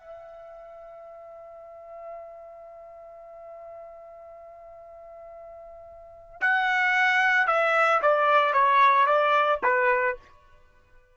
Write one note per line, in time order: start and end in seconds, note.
0.00 6.41 E5
6.41 7.48 F#5
7.48 8.01 E5
8.02 8.53 D5
8.53 9.07 C#5
9.07 9.60 D5
9.63 10.17 B4